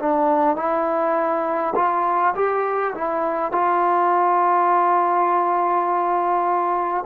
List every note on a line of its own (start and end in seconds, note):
0.00 0.56 D4
0.56 1.74 E4
1.76 2.35 F4
2.35 2.94 G4
2.95 3.52 E4
3.52 7.05 F4